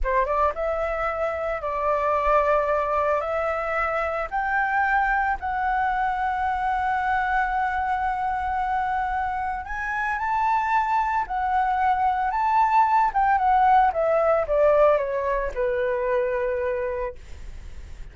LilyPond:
\new Staff \with { instrumentName = "flute" } { \time 4/4 \tempo 4 = 112 c''8 d''8 e''2 d''4~ | d''2 e''2 | g''2 fis''2~ | fis''1~ |
fis''2 gis''4 a''4~ | a''4 fis''2 a''4~ | a''8 g''8 fis''4 e''4 d''4 | cis''4 b'2. | }